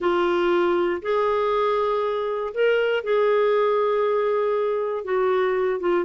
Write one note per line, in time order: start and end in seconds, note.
0.00 1.01 F4
1.02 2.53 G#4
2.53 3.03 A#4
3.03 5.04 G#4
5.04 5.80 F#4
5.80 6.04 F4